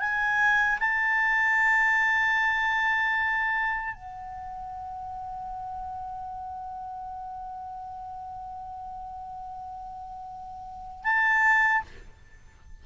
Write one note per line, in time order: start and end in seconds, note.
0.00 0.79 G#5
0.80 3.95 A5
3.95 11.04 F#5
11.04 11.83 A5